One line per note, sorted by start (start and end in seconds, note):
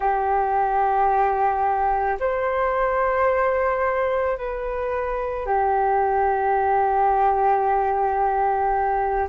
0.00 2.18 G4
2.19 4.37 C5
4.37 5.45 B4
5.45 9.27 G4